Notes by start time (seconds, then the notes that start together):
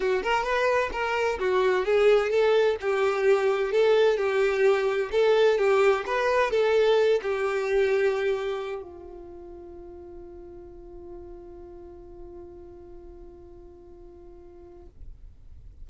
0.00 F#4
0.23 A#4
0.43 B4
0.92 A#4
1.39 F#4
1.85 G#4
2.29 A4
2.81 G4
3.71 A4
4.17 G4
5.11 A4
5.58 G4
6.06 B4
6.51 A4
7.22 G4
8.82 F4